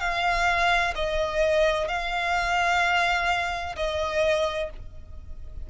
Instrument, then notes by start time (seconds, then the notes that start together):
violin
0.00 F5
0.95 D#5
1.88 F5
3.76 D#5